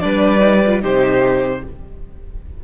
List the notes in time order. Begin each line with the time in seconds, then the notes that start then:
0.00 G3 D4 B4 D5
0.39 D#4
0.66 F4
0.81 C3 D#4 G4 C5